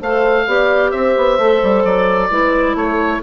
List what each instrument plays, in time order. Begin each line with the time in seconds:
0.00 bassoon A3, clarinet A4, horn C5, oboe F5
0.46 bassoon B3, clarinet G4, horn D5
0.91 bassoon C4, horn C5, oboe E5
1.16 bassoon B3
1.38 bassoon A3, clarinet A4
1.62 bassoon G3
1.84 bassoon F#3, oboe D5
2.30 bassoon G#3, clarinet E4, horn B4
2.74 bassoon A3, oboe C#5
2.81 horn A4